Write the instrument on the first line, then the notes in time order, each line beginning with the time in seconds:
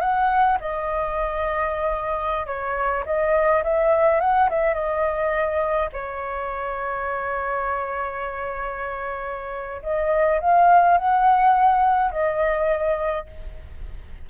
flute
0.00 F#5
0.60 D#5
2.46 C#5
3.05 D#5
3.63 E5
4.20 F#5
4.49 E5
4.74 D#5
5.92 C#5
9.82 D#5
10.40 F5
10.97 F#5
12.11 D#5